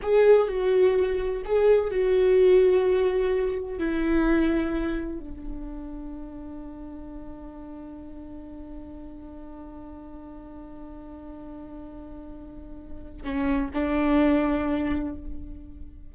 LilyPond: \new Staff \with { instrumentName = "viola" } { \time 4/4 \tempo 4 = 127 gis'4 fis'2 gis'4 | fis'1 | e'2. d'4~ | d'1~ |
d'1~ | d'1~ | d'1 | cis'4 d'2. | }